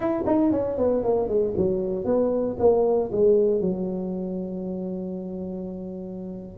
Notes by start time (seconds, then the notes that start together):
0.00 E4
0.26 D#4
0.51 C#4
0.77 B3
1.03 A#3
1.28 G#3
1.57 F#3
2.04 B3
2.59 A#3
3.12 G#3
3.60 F#3